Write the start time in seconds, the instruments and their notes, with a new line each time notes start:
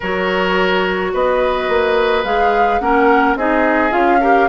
0.00 bassoon F#3, clarinet F#4, oboe A#4, flute C#5
1.13 bassoon B3, oboe B4, flute D#5
1.68 bassoon A#3
2.24 bassoon G#3, clarinet G#4, flute F5
2.79 bassoon A#3, clarinet C#4, oboe A#4, flute F#5
3.35 bassoon C4, clarinet D#4, oboe G#4, flute D#5
3.90 bassoon C#4, clarinet F4, flute F5
4.20 clarinet G4, oboe A#4